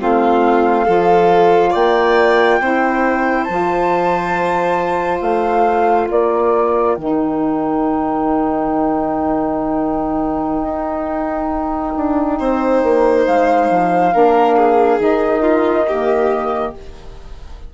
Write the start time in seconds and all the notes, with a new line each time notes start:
0.00 A3 C4 F4 F5
0.85 F3 F4 A4
1.71 A#3 D5 G5
2.60 C4 E4 C5
3.44 F3 F4 A5
5.21 A3 F5
6.08 A#3 A#4 D5
6.95 D#3 D#4 G5
10.63 D#4
11.97 D4
12.39 C4 C5
12.83 A#3
13.26 G#3 F5
13.71 F3
14.13 A#3 D4 A#4
14.57 G#4
14.99 D#3 D#4 D#5
15.42 F4
15.87 A#3 G4